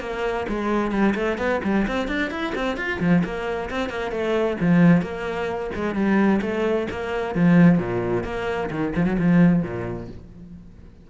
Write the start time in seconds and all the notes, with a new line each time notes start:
0.00 A#3
0.48 G#3
0.91 G3
1.15 A3
1.38 B3
1.63 G3
1.87 C4
2.07 D4
2.30 E4
2.55 C4
2.77 F4
3.00 F3
3.24 A#3
3.70 C4
3.89 A#3
4.11 A3
4.60 F3
5.02 A#3
5.75 G#3
5.94 G3
6.41 A3
6.90 A#3
7.34 F3
7.78 A#2
8.23 A#3
8.70 D#3
8.95 F3
9.05 F#3
9.18 F3
9.62 A#2